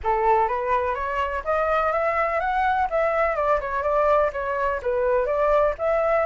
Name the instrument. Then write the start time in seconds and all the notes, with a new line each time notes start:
flute
0.03 A4
0.48 B4
0.94 C#5
1.44 D#5
1.92 E5
2.40 F#5
2.89 E5
3.35 D5
3.60 C#5
3.82 D5
4.32 C#5
4.82 B4
5.25 D5
5.78 E5